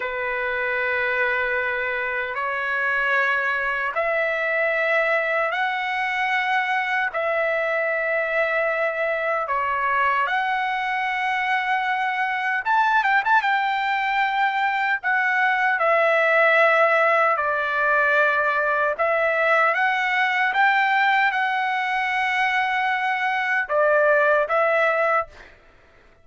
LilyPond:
\new Staff \with { instrumentName = "trumpet" } { \time 4/4 \tempo 4 = 76 b'2. cis''4~ | cis''4 e''2 fis''4~ | fis''4 e''2. | cis''4 fis''2. |
a''8 g''16 a''16 g''2 fis''4 | e''2 d''2 | e''4 fis''4 g''4 fis''4~ | fis''2 d''4 e''4 | }